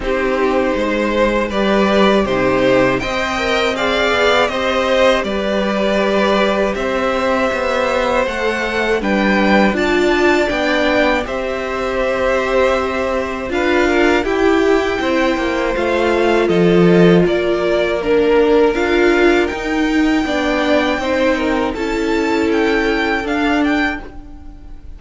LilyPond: <<
  \new Staff \with { instrumentName = "violin" } { \time 4/4 \tempo 4 = 80 c''2 d''4 c''4 | g''4 f''4 dis''4 d''4~ | d''4 e''2 fis''4 | g''4 a''4 g''4 e''4~ |
e''2 f''4 g''4~ | g''4 f''4 dis''4 d''4 | ais'4 f''4 g''2~ | g''4 a''4 g''4 f''8 g''8 | }
  \new Staff \with { instrumentName = "violin" } { \time 4/4 g'4 c''4 b'4 g'4 | dis''4 d''4 c''4 b'4~ | b'4 c''2. | b'4 d''2 c''4~ |
c''2 b'8 ais'8 g'4 | c''2 a'4 ais'4~ | ais'2. d''4 | c''8 ais'8 a'2. | }
  \new Staff \with { instrumentName = "viola" } { \time 4/4 dis'2 g'4 dis'4 | c''8 ais'8 gis'4 g'2~ | g'2. a'4 | d'4 f'4 d'4 g'4~ |
g'2 f'4 e'4~ | e'4 f'2. | d'4 f'4 dis'4 d'4 | dis'4 e'2 d'4 | }
  \new Staff \with { instrumentName = "cello" } { \time 4/4 c'4 gis4 g4 c4 | c'4. b8 c'4 g4~ | g4 c'4 b4 a4 | g4 d'4 b4 c'4~ |
c'2 d'4 e'4 | c'8 ais8 a4 f4 ais4~ | ais4 d'4 dis'4 b4 | c'4 cis'2 d'4 | }
>>